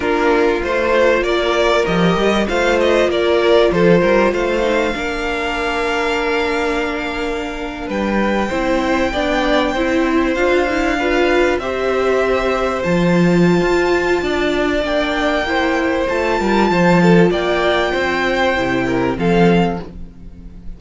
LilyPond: <<
  \new Staff \with { instrumentName = "violin" } { \time 4/4 \tempo 4 = 97 ais'4 c''4 d''4 dis''4 | f''8 dis''8 d''4 c''4 f''4~ | f''1~ | f''8. g''2.~ g''16~ |
g''8. f''2 e''4~ e''16~ | e''8. a''2.~ a''16 | g''2 a''2 | g''2. f''4 | }
  \new Staff \with { instrumentName = "violin" } { \time 4/4 f'2 ais'2 | c''4 ais'4 a'8 ais'8 c''4 | ais'1~ | ais'8. b'4 c''4 d''4 c''16~ |
c''4.~ c''16 b'4 c''4~ c''16~ | c''2. d''4~ | d''4 c''4. ais'8 c''8 a'8 | d''4 c''4. ais'8 a'4 | }
  \new Staff \with { instrumentName = "viola" } { \time 4/4 d'4 f'2 g'4 | f'2.~ f'8 dis'8 | d'1~ | d'4.~ d'16 e'4 d'4 e'16~ |
e'8. f'8 e'8 f'4 g'4~ g'16~ | g'8. f'2.~ f'16 | d'4 e'4 f'2~ | f'2 e'4 c'4 | }
  \new Staff \with { instrumentName = "cello" } { \time 4/4 ais4 a4 ais4 f8 g8 | a4 ais4 f8 g8 a4 | ais1~ | ais8. g4 c'4 b4 c'16~ |
c'8. d'2 c'4~ c'16~ | c'8. f4~ f16 f'4 d'4 | ais2 a8 g8 f4 | ais4 c'4 c4 f4 | }
>>